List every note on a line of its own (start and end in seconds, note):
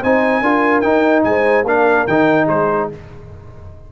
0.00 0.41 C4
0.00 0.43 D#4
0.00 0.41 C5
0.00 0.80 G#5
0.41 0.82 D4
0.41 0.83 F4
0.41 1.24 A#4
0.80 1.65 D#4
0.80 1.24 D#4
0.80 1.21 G5
1.23 1.63 G#3
1.23 1.67 C5
1.23 1.64 G#5
1.63 2.05 A#3
1.63 2.08 D4
1.63 2.45 A#4
1.63 2.06 F5
2.06 2.48 D#3
2.06 2.92 D#4
2.06 2.48 G5
2.45 2.89 G#3
2.45 2.87 G#4
2.45 2.89 C5